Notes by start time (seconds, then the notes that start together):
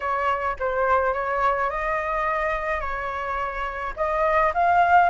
0.00 C#5
0.59 C5
1.13 C#5
1.70 D#5
2.80 C#5
3.96 D#5
4.53 F5